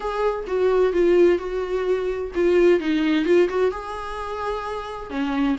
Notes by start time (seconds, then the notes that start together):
0.00 G#4
0.47 F#4
0.92 F4
1.38 F#4
2.34 F4
2.80 D#4
3.25 F4
3.48 F#4
3.71 G#4
5.10 C#4